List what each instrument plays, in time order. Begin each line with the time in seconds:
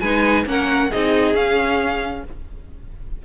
0.00 cello G#3, viola D#4, violin B4 G#5
0.45 cello A#3, viola C#4, violin A#4 F#5
0.90 cello C4, viola D#4, violin G#4 D#5
1.34 cello C#4, viola C#4, violin F5